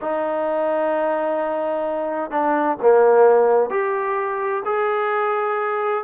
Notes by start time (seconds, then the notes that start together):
0.01 D#4
2.30 D4
2.82 A#3
3.70 G4
4.65 G#4